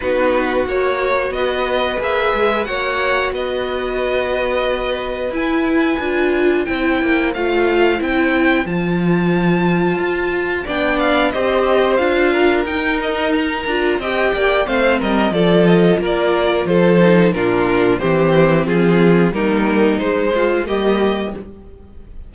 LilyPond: <<
  \new Staff \with { instrumentName = "violin" } { \time 4/4 \tempo 4 = 90 b'4 cis''4 dis''4 e''4 | fis''4 dis''2. | gis''2 g''4 f''4 | g''4 a''2. |
g''8 f''8 dis''4 f''4 g''8 dis''8 | ais''4 g''4 f''8 dis''8 d''8 dis''8 | d''4 c''4 ais'4 c''4 | gis'4 ais'4 c''4 dis''4 | }
  \new Staff \with { instrumentName = "violin" } { \time 4/4 fis'2 b'2 | cis''4 b'2.~ | b'2 c''2~ | c''1 |
d''4 c''4. ais'4.~ | ais'4 dis''8 d''8 c''8 ais'8 a'4 | ais'4 a'4 f'4 g'4 | f'4 dis'4. f'8 g'4 | }
  \new Staff \with { instrumentName = "viola" } { \time 4/4 dis'4 fis'2 gis'4 | fis'1 | e'4 f'4 e'4 f'4 | e'4 f'2. |
d'4 g'4 f'4 dis'4~ | dis'8 f'8 g'4 c'4 f'4~ | f'4. dis'8 d'4 c'4~ | c'4 ais4 gis4 ais4 | }
  \new Staff \with { instrumentName = "cello" } { \time 4/4 b4 ais4 b4 ais8 gis8 | ais4 b2. | e'4 d'4 c'8 ais8 a4 | c'4 f2 f'4 |
b4 c'4 d'4 dis'4~ | dis'8 d'8 c'8 ais8 a8 g8 f4 | ais4 f4 ais,4 e4 | f4 g4 gis4 g4 | }
>>